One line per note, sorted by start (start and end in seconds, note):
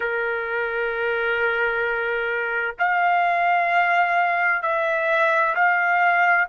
0.00 2.74 A#4
2.78 4.62 F5
4.62 5.54 E5
5.55 6.47 F5